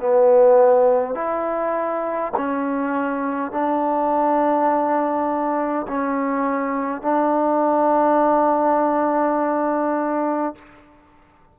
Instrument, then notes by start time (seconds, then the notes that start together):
trombone
0.00 B3
1.14 E4
2.37 C#4
3.52 D4
5.88 C#4
7.02 D4